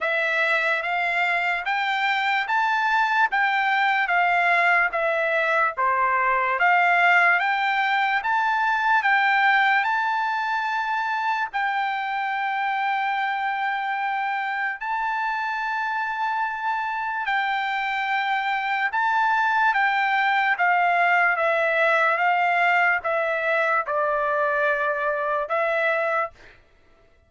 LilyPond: \new Staff \with { instrumentName = "trumpet" } { \time 4/4 \tempo 4 = 73 e''4 f''4 g''4 a''4 | g''4 f''4 e''4 c''4 | f''4 g''4 a''4 g''4 | a''2 g''2~ |
g''2 a''2~ | a''4 g''2 a''4 | g''4 f''4 e''4 f''4 | e''4 d''2 e''4 | }